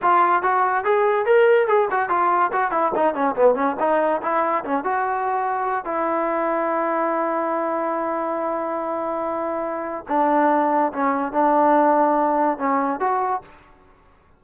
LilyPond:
\new Staff \with { instrumentName = "trombone" } { \time 4/4 \tempo 4 = 143 f'4 fis'4 gis'4 ais'4 | gis'8 fis'8 f'4 fis'8 e'8 dis'8 cis'8 | b8 cis'8 dis'4 e'4 cis'8 fis'8~ | fis'2 e'2~ |
e'1~ | e'1 | d'2 cis'4 d'4~ | d'2 cis'4 fis'4 | }